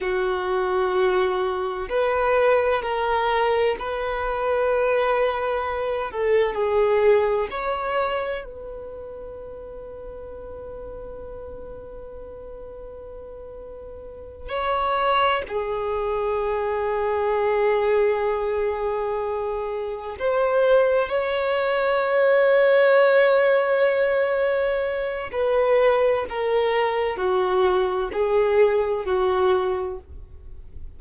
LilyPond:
\new Staff \with { instrumentName = "violin" } { \time 4/4 \tempo 4 = 64 fis'2 b'4 ais'4 | b'2~ b'8 a'8 gis'4 | cis''4 b'2.~ | b'2.~ b'8 cis''8~ |
cis''8 gis'2.~ gis'8~ | gis'4. c''4 cis''4.~ | cis''2. b'4 | ais'4 fis'4 gis'4 fis'4 | }